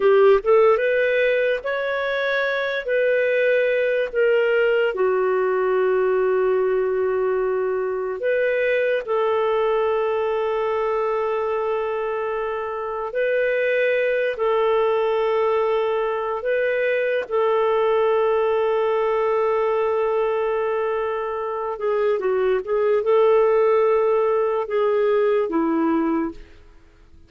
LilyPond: \new Staff \with { instrumentName = "clarinet" } { \time 4/4 \tempo 4 = 73 g'8 a'8 b'4 cis''4. b'8~ | b'4 ais'4 fis'2~ | fis'2 b'4 a'4~ | a'1 |
b'4. a'2~ a'8 | b'4 a'2.~ | a'2~ a'8 gis'8 fis'8 gis'8 | a'2 gis'4 e'4 | }